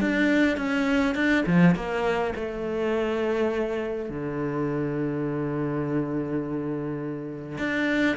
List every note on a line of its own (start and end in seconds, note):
0.00 0.57 D4
0.57 1.15 C#4
1.15 1.44 D4
1.46 1.75 F3
1.75 2.34 A#3
2.35 4.09 A3
4.09 7.58 D3
7.58 8.16 D4